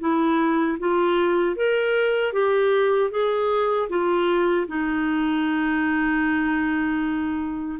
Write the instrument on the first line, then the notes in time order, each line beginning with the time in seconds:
clarinet
0.00 E4
0.79 F4
1.56 A#4
2.33 G4
3.11 G#4
3.89 F4
4.68 D#4